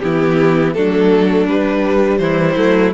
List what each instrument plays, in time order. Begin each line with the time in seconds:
0.00 cello E3, viola B3, violin E4 G4
0.73 cello F#3, viola A3, violin D4 A4
1.47 cello G3, viola G3, violin B4
2.18 cello E3, violin E4 C5
2.56 cello F#3, viola A3